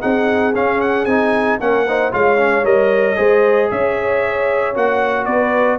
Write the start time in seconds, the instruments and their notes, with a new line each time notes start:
0.00 tuba C4, trombone D#4, horn G#4, trumpet F#5
0.54 trombone C#4, tuba C#4, trumpet F5
0.80 trumpet F#5
1.05 tuba C4, trombone D#4, trumpet G#5
1.60 tuba A#3, trombone C#4, horn A#4, trumpet F#5
1.87 trombone D#4, horn C5
2.11 tuba G#3, trombone F4, horn C#5, trumpet F5
2.37 trombone C#4
2.64 tuba G3, trombone A#4, trumpet D#5
3.16 tuba G#3, trombone G#4, horn C5
3.70 tuba C#4, horn C#5, trumpet E5
4.74 tuba A#3, trombone F#4, trumpet F#5
5.25 tuba B3, horn B4, trumpet D5